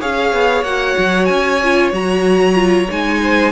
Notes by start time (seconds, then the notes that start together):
0.00 C#4 G#4 C#5 F5
0.32 B3
0.62 A#3 F#4 F#5
0.98 F#3
1.25 C#4 G#5
1.63 F4
1.92 F#3 F#4 A#5
2.54 F4
2.89 G#3 D#4 G#5
3.22 C5